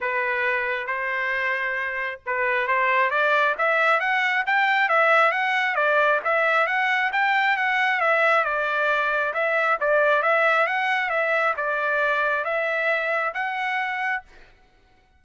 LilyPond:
\new Staff \with { instrumentName = "trumpet" } { \time 4/4 \tempo 4 = 135 b'2 c''2~ | c''4 b'4 c''4 d''4 | e''4 fis''4 g''4 e''4 | fis''4 d''4 e''4 fis''4 |
g''4 fis''4 e''4 d''4~ | d''4 e''4 d''4 e''4 | fis''4 e''4 d''2 | e''2 fis''2 | }